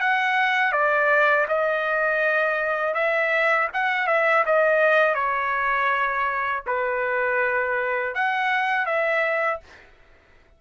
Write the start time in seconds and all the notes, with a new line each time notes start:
0.00 F#5
0.72 D5
1.48 D#5
2.94 E5
3.73 F#5
4.07 E5
4.45 D#5
5.14 C#5
6.67 B4
8.14 F#5
8.86 E5